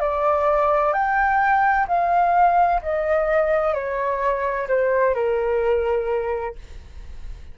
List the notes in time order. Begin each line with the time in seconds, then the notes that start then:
0.00 D5
0.93 G5
1.87 F5
2.82 D#5
3.74 C#5
4.68 C5
5.14 A#4